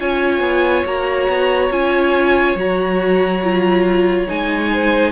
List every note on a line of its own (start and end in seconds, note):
0.00 0.41 C#4
0.00 0.86 F4
0.00 4.72 C#5
0.00 0.86 G#5
0.41 0.84 B3
0.86 1.28 A#3
0.86 1.71 F#4
0.86 1.72 A#5
1.29 1.71 B3
1.71 2.56 C#4
1.71 2.57 F4
1.71 2.58 G#5
2.56 4.27 F#3
2.56 3.43 F#4
2.56 4.30 A#5
3.44 4.28 F4
4.28 5.12 G#3
4.28 5.12 D#4
4.28 5.12 G#5
4.73 5.12 C5